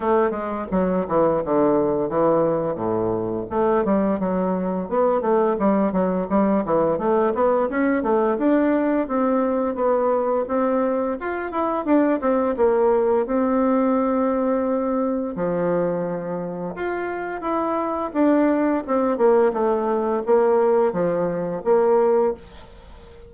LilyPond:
\new Staff \with { instrumentName = "bassoon" } { \time 4/4 \tempo 4 = 86 a8 gis8 fis8 e8 d4 e4 | a,4 a8 g8 fis4 b8 a8 | g8 fis8 g8 e8 a8 b8 cis'8 a8 | d'4 c'4 b4 c'4 |
f'8 e'8 d'8 c'8 ais4 c'4~ | c'2 f2 | f'4 e'4 d'4 c'8 ais8 | a4 ais4 f4 ais4 | }